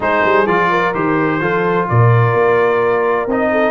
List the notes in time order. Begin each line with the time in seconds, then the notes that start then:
0.00 G#3 D#4 G#4 C5
0.24 G3
0.46 F3 F4 D5
0.69 A#4
0.94 D#3 G4 C5
1.40 F3 F4 A4
1.89 A#2 A#4 D5
2.33 A#3
3.27 C4 D#4 D#5
3.51 A4